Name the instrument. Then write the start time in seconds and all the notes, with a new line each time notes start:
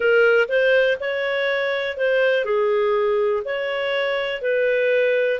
clarinet
0.00 A#4
0.48 C5
1.00 C#5
1.97 C5
2.44 G#4
3.44 C#5
4.41 B4